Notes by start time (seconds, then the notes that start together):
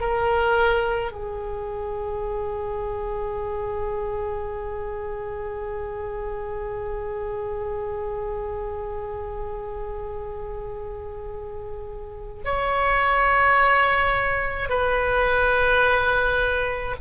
0.00 A#4
1.11 G#4
12.45 C#5
14.69 B4